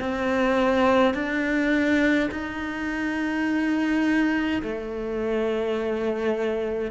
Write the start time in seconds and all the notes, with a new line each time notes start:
0.00 C4
1.14 D4
2.32 D#4
4.63 A3